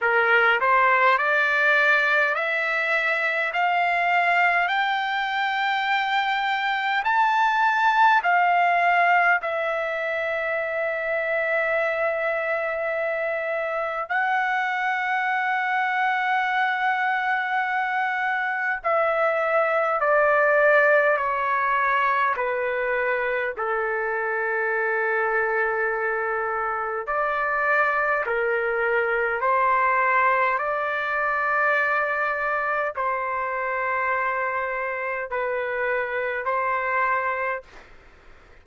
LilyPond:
\new Staff \with { instrumentName = "trumpet" } { \time 4/4 \tempo 4 = 51 ais'8 c''8 d''4 e''4 f''4 | g''2 a''4 f''4 | e''1 | fis''1 |
e''4 d''4 cis''4 b'4 | a'2. d''4 | ais'4 c''4 d''2 | c''2 b'4 c''4 | }